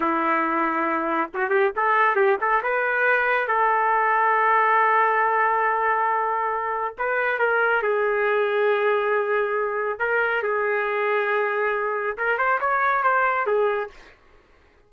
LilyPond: \new Staff \with { instrumentName = "trumpet" } { \time 4/4 \tempo 4 = 138 e'2. fis'8 g'8 | a'4 g'8 a'8 b'2 | a'1~ | a'1 |
b'4 ais'4 gis'2~ | gis'2. ais'4 | gis'1 | ais'8 c''8 cis''4 c''4 gis'4 | }